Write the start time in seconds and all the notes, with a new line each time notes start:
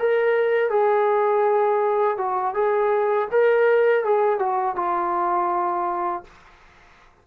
0.00 A#4
0.70 G#4
2.18 F#4
2.55 G#4
3.32 A#4
4.05 G#4
4.39 F#4
4.76 F4